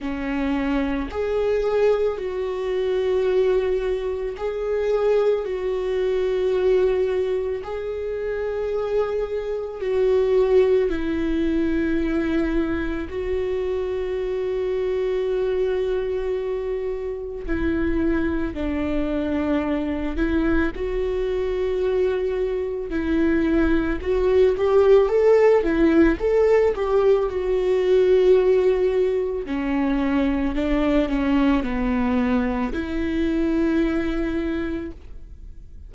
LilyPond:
\new Staff \with { instrumentName = "viola" } { \time 4/4 \tempo 4 = 55 cis'4 gis'4 fis'2 | gis'4 fis'2 gis'4~ | gis'4 fis'4 e'2 | fis'1 |
e'4 d'4. e'8 fis'4~ | fis'4 e'4 fis'8 g'8 a'8 e'8 | a'8 g'8 fis'2 cis'4 | d'8 cis'8 b4 e'2 | }